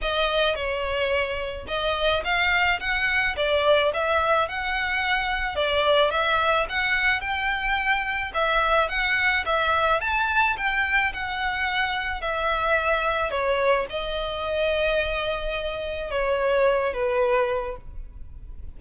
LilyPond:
\new Staff \with { instrumentName = "violin" } { \time 4/4 \tempo 4 = 108 dis''4 cis''2 dis''4 | f''4 fis''4 d''4 e''4 | fis''2 d''4 e''4 | fis''4 g''2 e''4 |
fis''4 e''4 a''4 g''4 | fis''2 e''2 | cis''4 dis''2.~ | dis''4 cis''4. b'4. | }